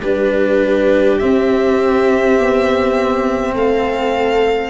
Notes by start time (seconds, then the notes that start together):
0.00 G3 D4 G4 B4
1.18 C4 E5
2.38 B3
3.54 A3 A4 F5